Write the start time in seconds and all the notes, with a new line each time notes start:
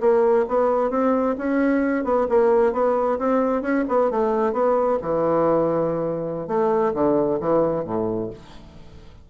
0.00 A#3
0.48 B3
0.90 C4
1.38 C#4
2.04 B3
2.29 A#3
2.73 B3
3.19 C4
3.62 C#4
3.88 B3
4.11 A3
4.53 B3
5.02 E3
6.47 A3
6.94 D3
7.40 E3
7.85 A2